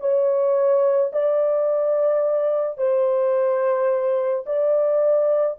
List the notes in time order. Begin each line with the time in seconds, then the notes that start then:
0.00 C#5
1.12 D5
2.77 C5
4.46 D5